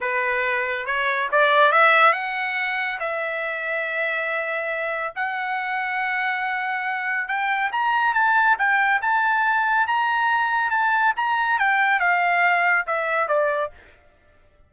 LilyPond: \new Staff \with { instrumentName = "trumpet" } { \time 4/4 \tempo 4 = 140 b'2 cis''4 d''4 | e''4 fis''2 e''4~ | e''1 | fis''1~ |
fis''4 g''4 ais''4 a''4 | g''4 a''2 ais''4~ | ais''4 a''4 ais''4 g''4 | f''2 e''4 d''4 | }